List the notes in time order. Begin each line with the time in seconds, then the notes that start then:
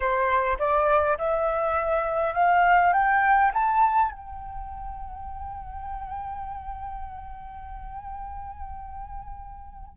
0.00 C5
0.58 D5
1.18 E5
2.34 F5
2.93 G5
3.53 A5
4.11 G5